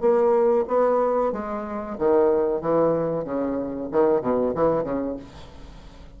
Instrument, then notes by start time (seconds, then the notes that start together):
bassoon
0.00 A#3
0.67 B3
1.32 G#3
1.98 D#3
2.61 E3
3.24 C#3
3.91 D#3
4.21 B2
4.55 E3
4.83 C#3